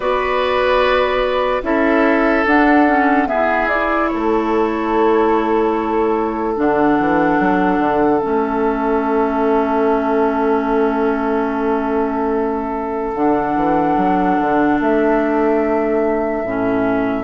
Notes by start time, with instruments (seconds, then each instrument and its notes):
0.00 bassoon B3, clarinet F#4, oboe B4, flute D5
1.62 bassoon C#4, clarinet E4, oboe A4, flute E5
2.45 bassoon D4, clarinet D4, flute F#5
2.87 clarinet C#4
3.27 clarinet B3, oboe G#4, flute E5
3.33 bassoon E4
3.68 clarinet E4, flute D5
4.08 bassoon A3, oboe A4, flute C#5
6.56 bassoon D3, clarinet D4, flute F#5
6.99 bassoon E3
7.39 bassoon F#3
7.78 bassoon D3
8.20 bassoon A3, clarinet C#4, flute E5
13.14 bassoon D3, clarinet D4, flute F#5
13.55 bassoon E3
13.96 bassoon F#3
14.40 bassoon D3
14.79 bassoon A3, flute E5
16.43 bassoon A2, clarinet C#4